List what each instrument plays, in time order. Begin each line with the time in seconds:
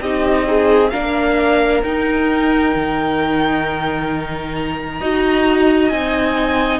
0.00 cello C4, viola D#4, violin G4 D#5
0.45 violin D#4, viola G#4
0.89 cello A#3, viola D4, violin A#4 F5
1.82 cello D#4, viola D#4, violin G5
2.74 cello D#3
4.55 violin A#5
5.00 cello D#4, viola F#4, violin D#5
5.89 cello C4, viola D#4, violin G#5